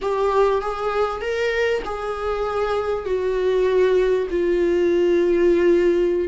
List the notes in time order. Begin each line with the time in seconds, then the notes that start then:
0.01 G4
0.61 G#4
1.21 A#4
1.85 G#4
3.05 F#4
4.30 F4